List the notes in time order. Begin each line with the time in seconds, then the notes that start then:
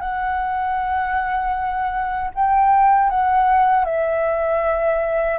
0.00 F#5
2.34 G5
3.10 F#5
3.85 E5